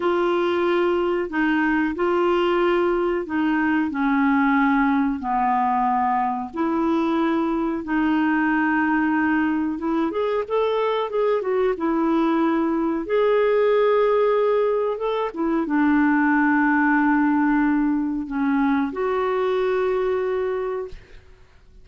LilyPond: \new Staff \with { instrumentName = "clarinet" } { \time 4/4 \tempo 4 = 92 f'2 dis'4 f'4~ | f'4 dis'4 cis'2 | b2 e'2 | dis'2. e'8 gis'8 |
a'4 gis'8 fis'8 e'2 | gis'2. a'8 e'8 | d'1 | cis'4 fis'2. | }